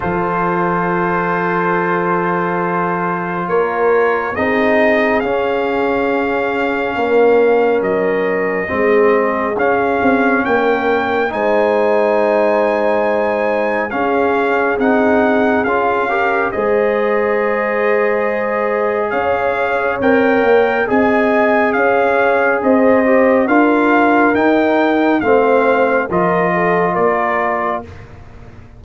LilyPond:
<<
  \new Staff \with { instrumentName = "trumpet" } { \time 4/4 \tempo 4 = 69 c''1 | cis''4 dis''4 f''2~ | f''4 dis''2 f''4 | g''4 gis''2. |
f''4 fis''4 f''4 dis''4~ | dis''2 f''4 g''4 | gis''4 f''4 dis''4 f''4 | g''4 f''4 dis''4 d''4 | }
  \new Staff \with { instrumentName = "horn" } { \time 4/4 a'1 | ais'4 gis'2. | ais'2 gis'2 | ais'4 c''2. |
gis'2~ gis'8 ais'8 c''4~ | c''2 cis''2 | dis''4 cis''4 c''4 ais'4~ | ais'4 c''4 ais'8 a'8 ais'4 | }
  \new Staff \with { instrumentName = "trombone" } { \time 4/4 f'1~ | f'4 dis'4 cis'2~ | cis'2 c'4 cis'4~ | cis'4 dis'2. |
cis'4 dis'4 f'8 g'8 gis'4~ | gis'2. ais'4 | gis'2~ gis'8 g'8 f'4 | dis'4 c'4 f'2 | }
  \new Staff \with { instrumentName = "tuba" } { \time 4/4 f1 | ais4 c'4 cis'2 | ais4 fis4 gis4 cis'8 c'8 | ais4 gis2. |
cis'4 c'4 cis'4 gis4~ | gis2 cis'4 c'8 ais8 | c'4 cis'4 c'4 d'4 | dis'4 a4 f4 ais4 | }
>>